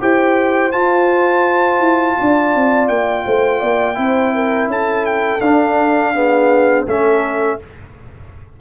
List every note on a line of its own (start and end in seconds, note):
0.00 0.73 E4
0.00 0.72 G4
0.00 2.18 C5
0.00 0.71 G5
0.71 3.95 F4
0.71 1.80 F4
0.71 2.88 A5
1.80 2.16 E4
2.18 2.55 D4
2.18 3.26 D5
2.55 2.89 C4
2.88 3.25 A#3
2.88 4.68 G5
3.26 3.62 A3
3.26 3.59 C5
3.59 3.97 A#3
3.59 3.95 D5
3.95 4.67 C4
3.95 5.39 E4
3.95 4.34 C5
4.34 4.69 A#4
4.67 5.39 C#4
4.67 6.14 A4
4.67 5.05 A5
5.05 5.41 G5
5.41 6.85 D4
5.41 6.14 D4
5.41 6.85 F5
6.14 6.86 B3
6.14 6.86 G#4
6.86 7.59 A3
6.86 7.59 C#4
6.86 7.58 A4
6.86 7.60 E5